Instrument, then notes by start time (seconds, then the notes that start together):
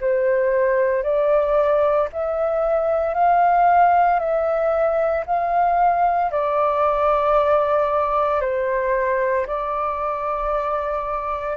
flute
0.00 C5
1.03 D5
2.13 E5
3.14 F5
4.19 E5
5.26 F5
6.31 D5
8.41 C5
9.46 D5